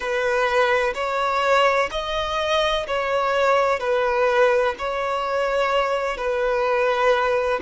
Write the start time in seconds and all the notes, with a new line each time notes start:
0.00 B4
0.94 C#5
1.90 D#5
2.87 C#5
3.79 B4
4.78 C#5
6.17 B4